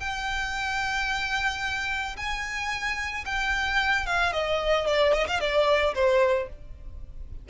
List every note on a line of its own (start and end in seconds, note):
0.00 2.16 G5
2.17 3.25 G#5
3.26 4.06 G5
4.06 4.33 F5
4.33 4.87 D#5
4.87 5.14 D5
5.14 5.27 D#5
5.28 5.41 F5
5.41 5.95 D5
5.95 6.49 C5